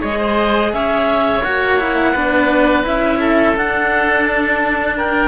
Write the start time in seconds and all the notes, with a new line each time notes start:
0.00 G#3 G#4 C#5 D#5
0.19 C5
0.73 C#4 C#5 E5
1.43 A#3 F#4 F#5
1.79 E4
2.13 B3 D4 B4
2.84 C#4 E4 E5
3.20 A4
3.56 D4 F#5
4.25 A5
4.97 A#4 G5